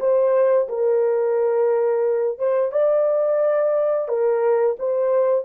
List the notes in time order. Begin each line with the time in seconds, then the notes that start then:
0.00 C5
0.69 A#4
2.39 C5
2.72 D5
4.08 A#4
4.79 C5